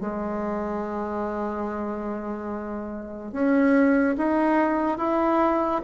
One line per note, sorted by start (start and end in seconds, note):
0.00 3.32 G#3
3.32 4.15 C#4
4.17 4.98 D#4
4.98 5.81 E4